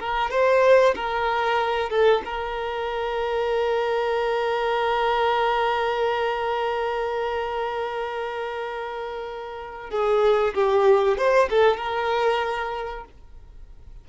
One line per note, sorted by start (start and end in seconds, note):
0.00 0.31 A#4
0.31 0.95 C5
0.95 1.90 A#4
1.90 2.22 A4
2.25 9.90 A#4
9.90 10.54 G#4
10.54 11.17 G4
11.17 11.49 C5
11.50 11.77 A4
11.77 13.05 A#4